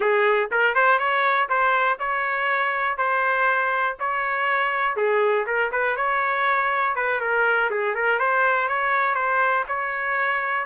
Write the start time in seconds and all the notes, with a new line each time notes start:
0.00 G#4
0.51 A#4
0.74 C5
0.98 C#5
1.49 C5
1.99 C#5
2.97 C5
3.99 C#5
4.96 G#4
5.46 A#4
5.71 B4
5.96 C#5
6.95 B4
7.20 A#4
7.70 G#4
7.94 A#4
8.19 C5
8.68 C#5
9.15 C5
9.68 C#5